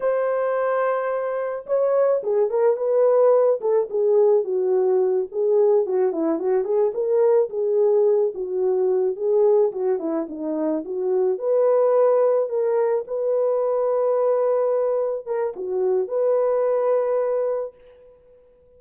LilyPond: \new Staff \with { instrumentName = "horn" } { \time 4/4 \tempo 4 = 108 c''2. cis''4 | gis'8 ais'8 b'4. a'8 gis'4 | fis'4. gis'4 fis'8 e'8 fis'8 | gis'8 ais'4 gis'4. fis'4~ |
fis'8 gis'4 fis'8 e'8 dis'4 fis'8~ | fis'8 b'2 ais'4 b'8~ | b'2.~ b'8 ais'8 | fis'4 b'2. | }